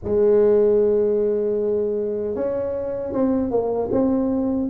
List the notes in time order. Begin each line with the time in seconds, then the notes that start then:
0.03 G#3
2.35 C#4
3.12 C4
3.50 A#3
3.91 C4